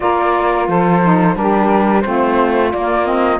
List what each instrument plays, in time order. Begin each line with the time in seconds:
0.00 cello A#3, saxophone F4 A#4, flute D5
0.68 cello F3, saxophone A4, flute C5
1.04 saxophone D#4
1.34 cello G3, saxophone D4 G4, flute A#4
2.01 cello A3, saxophone C4 F4, flute C5
2.72 cello A#3, saxophone A#3, flute D5
3.05 saxophone C4, flute D#5